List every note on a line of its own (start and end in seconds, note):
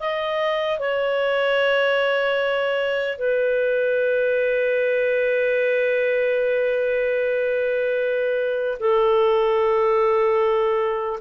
0.00 0.79 D#5
0.79 3.18 C#5
3.18 8.78 B4
8.80 11.20 A4